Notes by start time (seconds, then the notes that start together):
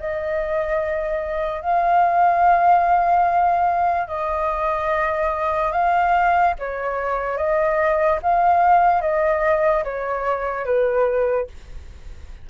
0.00 D#5
1.62 F5
4.08 D#5
5.72 F5
6.59 C#5
7.37 D#5
8.23 F5
9.01 D#5
9.84 C#5
10.66 B4